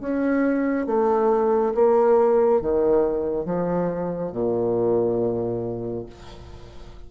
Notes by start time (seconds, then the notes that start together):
0.00 C#4
0.87 A3
1.74 A#3
2.61 D#3
3.45 F3
4.32 A#2